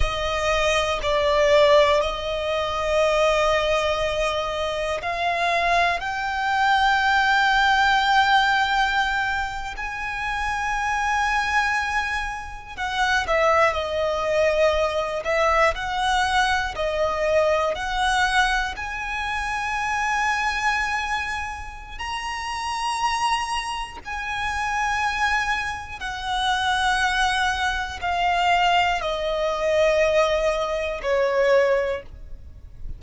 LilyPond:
\new Staff \with { instrumentName = "violin" } { \time 4/4 \tempo 4 = 60 dis''4 d''4 dis''2~ | dis''4 f''4 g''2~ | g''4.~ g''16 gis''2~ gis''16~ | gis''8. fis''8 e''8 dis''4. e''8 fis''16~ |
fis''8. dis''4 fis''4 gis''4~ gis''16~ | gis''2 ais''2 | gis''2 fis''2 | f''4 dis''2 cis''4 | }